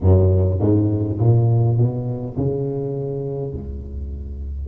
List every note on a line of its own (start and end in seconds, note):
0.00 0.59 F#2
0.59 1.18 G#2
1.18 1.77 A#2
1.77 2.36 B2
2.36 3.52 C#3
3.52 4.68 C#2